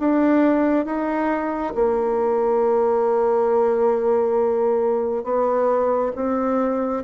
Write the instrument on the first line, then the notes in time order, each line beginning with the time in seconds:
bassoon
0.00 D4
0.86 D#4
1.75 A#3
5.24 B3
6.16 C4